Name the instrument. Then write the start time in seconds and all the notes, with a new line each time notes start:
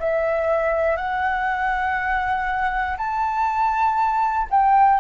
flute
0.00 E5
0.97 F#5
2.98 A5
4.50 G5